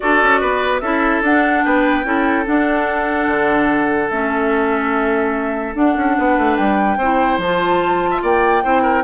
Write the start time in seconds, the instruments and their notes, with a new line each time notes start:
0.00 bassoon D4, clarinet F#4, oboe A4, flute D5
0.22 bassoon C#4
0.40 bassoon B3, oboe B4
0.80 bassoon C#4, clarinet E4, oboe A4, flute E5
1.22 bassoon D4, clarinet D4, flute F#5
1.63 bassoon B3, oboe B4, flute G5
2.04 bassoon C#4, clarinet E4, oboe A4
2.45 clarinet D4, bassoon D4, flute F#5
3.27 bassoon D3
4.09 bassoon A3, clarinet C#4, flute E5
5.74 clarinet D4, bassoon D4, flute F#5
5.96 bassoon C#4
6.17 bassoon B3, oboe B4
6.37 bassoon A3
6.56 bassoon G3, flute G5
6.97 bassoon C4, clarinet E4, oboe C5
7.37 bassoon F3, clarinet F4, flute A5
8.10 oboe E5
8.22 bassoon A#3, oboe D5, flute G5
8.62 bassoon C4, clarinet E4, oboe C5
8.82 oboe A#4